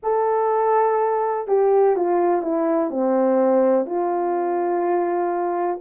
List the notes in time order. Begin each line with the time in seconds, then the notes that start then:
0.02 A4
1.47 G4
1.96 F4
2.42 E4
2.90 C4
3.86 F4